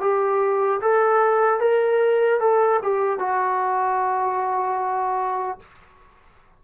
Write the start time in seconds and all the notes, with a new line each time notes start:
0.00 G4
0.81 A4
1.60 A#4
2.40 A4
2.82 G4
3.19 F#4